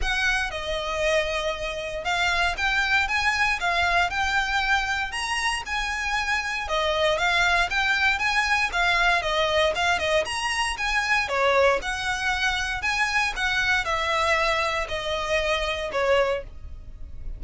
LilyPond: \new Staff \with { instrumentName = "violin" } { \time 4/4 \tempo 4 = 117 fis''4 dis''2. | f''4 g''4 gis''4 f''4 | g''2 ais''4 gis''4~ | gis''4 dis''4 f''4 g''4 |
gis''4 f''4 dis''4 f''8 dis''8 | ais''4 gis''4 cis''4 fis''4~ | fis''4 gis''4 fis''4 e''4~ | e''4 dis''2 cis''4 | }